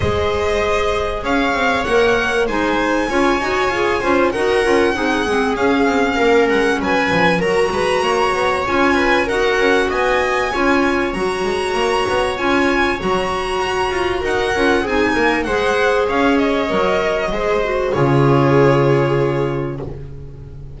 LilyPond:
<<
  \new Staff \with { instrumentName = "violin" } { \time 4/4 \tempo 4 = 97 dis''2 f''4 fis''4 | gis''2. fis''4~ | fis''4 f''4. fis''8 gis''4 | ais''2 gis''4 fis''4 |
gis''2 ais''2 | gis''4 ais''2 fis''4 | gis''4 fis''4 f''8 dis''4.~ | dis''4 cis''2. | }
  \new Staff \with { instrumentName = "viola" } { \time 4/4 c''2 cis''2 | c''4 cis''4. c''8 ais'4 | gis'2 ais'4 b'4 | ais'8 b'8 cis''4. b'8 ais'4 |
dis''4 cis''2.~ | cis''2. ais'4 | gis'8 ais'8 c''4 cis''2 | c''4 gis'2. | }
  \new Staff \with { instrumentName = "clarinet" } { \time 4/4 gis'2. ais'4 | dis'4 f'8 fis'8 gis'8 f'8 fis'8 f'8 | dis'8 c'8 cis'2. | fis'2 f'4 fis'4~ |
fis'4 f'4 fis'2 | f'4 fis'2~ fis'8 f'8 | dis'4 gis'2 ais'4 | gis'8 fis'8 f'2. | }
  \new Staff \with { instrumentName = "double bass" } { \time 4/4 gis2 cis'8 c'8 ais4 | gis4 cis'8 dis'8 f'8 cis'8 dis'8 cis'8 | c'8 gis8 cis'8 c'8 ais8 gis8 fis8 f8 | fis8 gis8 ais8 b8 cis'4 dis'8 cis'8 |
b4 cis'4 fis8 gis8 ais8 b8 | cis'4 fis4 fis'8 f'8 dis'8 cis'8 | c'8 ais8 gis4 cis'4 fis4 | gis4 cis2. | }
>>